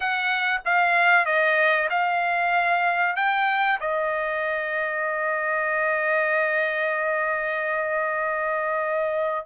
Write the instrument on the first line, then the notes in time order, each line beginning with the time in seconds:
trumpet
0.00 F#5
0.65 F5
1.25 D#5
1.89 F5
3.16 G5
3.80 D#5